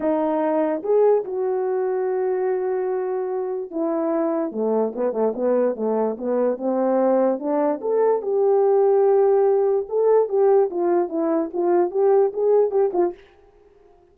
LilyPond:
\new Staff \with { instrumentName = "horn" } { \time 4/4 \tempo 4 = 146 dis'2 gis'4 fis'4~ | fis'1~ | fis'4 e'2 a4 | b8 a8 b4 a4 b4 |
c'2 d'4 a'4 | g'1 | a'4 g'4 f'4 e'4 | f'4 g'4 gis'4 g'8 f'8 | }